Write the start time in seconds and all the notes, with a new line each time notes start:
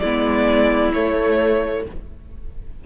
0.00 G#3 B3 E4 D5
0.94 A3 C#5